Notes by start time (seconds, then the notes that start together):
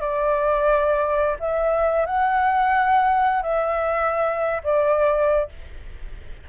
0.00 D5
1.39 E5
2.06 F#5
3.42 E5
4.63 D5